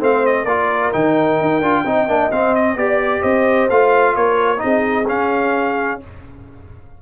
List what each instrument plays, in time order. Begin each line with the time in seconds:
0.00 tuba A3, trombone C4, horn C5, trumpet F5
0.26 trumpet D#5
0.43 tuba A#3, trombone F4, horn A#4, trumpet D5
0.92 tuba D#3, trombone D#4, trumpet G5
1.41 tuba D#4
1.61 tuba D4, trombone F4
1.85 tuba C4, trombone D#4, horn D#5
2.07 tuba A#3, trombone D4
2.31 tuba C4, trombone C4, trumpet F5
2.55 trumpet D#5
2.76 tuba B3, trombone G4, trumpet D5, horn D5
3.21 tuba C4, horn C5, trumpet D#5
3.70 tuba A3, trombone F4, trumpet F5
4.14 tuba A#3, horn A#4, trumpet C#5
4.57 trombone D#4, horn G#4, trumpet D#5
4.64 tuba C4
5.08 trombone C#4, tuba C#4, trumpet F5